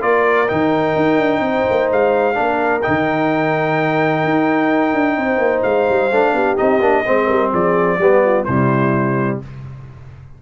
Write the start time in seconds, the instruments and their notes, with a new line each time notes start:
0.00 tuba A#3, trombone F4, horn A#4, trumpet D5
0.48 tuba D#3, trombone D#4, trumpet G5
0.96 tuba D#4
1.18 tuba D4
1.40 tuba C4, horn C5
1.70 tuba A#3
1.92 tuba G#3, trumpet F5
2.34 tuba A#3, trombone D4, horn A#4
2.82 trombone D#4, trumpet G5
2.88 tuba D#3
4.24 tuba D#4
4.94 tuba D4
5.17 tuba C4, horn C5
5.38 tuba A#3
5.63 tuba G#3, trumpet F5
5.89 tuba G3
6.11 tuba A3, trombone D4
6.33 tuba B3, horn G4
6.57 tuba C4, trombone D#4, trumpet D#5
6.80 tuba A#3, trombone D4
7.06 tuba G#3, trombone C4, horn C5
7.27 tuba G3, horn A#4
7.51 tuba F3, horn G#4, trumpet D5
7.99 tuba G3, trombone B3, horn G4
8.25 horn F4
8.45 tuba C3, trombone G3, horn E4, trumpet C5